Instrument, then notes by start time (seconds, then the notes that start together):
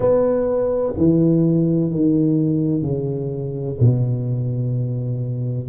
tuba
0.00 B3
0.97 E3
1.90 D#3
2.82 C#3
3.80 B2